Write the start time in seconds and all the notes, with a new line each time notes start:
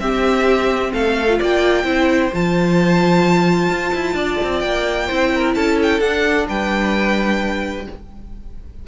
0.00 C4 G4 E5
0.93 A3 A4 F5
1.28 F4
1.39 A#3 D5 G5
1.84 C4 E4 C5
2.33 F3 F4 A5
3.70 F4
3.95 E4
4.14 D4 D5
4.44 C4
4.60 A#3 G5
5.07 C4 E4 C5
5.35 A#4
5.56 C#4 A4 A5
5.83 G5
6.00 D4 F#5
6.49 G3 B4 G5